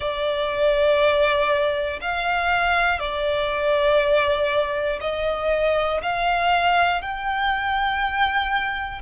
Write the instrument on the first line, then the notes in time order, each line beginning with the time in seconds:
violin
0.00 D5
2.00 F5
3.00 D5
5.00 D#5
6.02 F5
7.01 G5